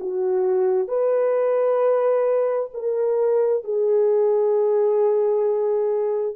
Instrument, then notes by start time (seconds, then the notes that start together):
horn
0.00 F#4
0.88 B4
2.74 A#4
3.64 G#4